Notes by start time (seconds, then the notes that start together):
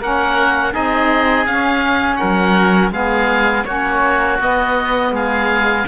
0.00 A#3 C#4 A#4 F#5
0.71 C4 D#4 G#4 D#5
1.46 C#4 F5
2.16 F#3 A#4 F#5
2.91 G#3 B3 G#4 F5
3.64 A#3 C#4 F#4 C#5
4.39 B3 D#5
5.11 G#3 G#4 F5